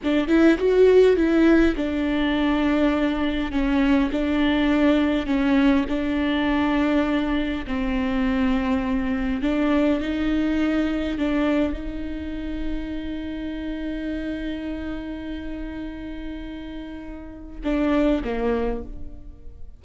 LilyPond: \new Staff \with { instrumentName = "viola" } { \time 4/4 \tempo 4 = 102 d'8 e'8 fis'4 e'4 d'4~ | d'2 cis'4 d'4~ | d'4 cis'4 d'2~ | d'4 c'2. |
d'4 dis'2 d'4 | dis'1~ | dis'1~ | dis'2 d'4 ais4 | }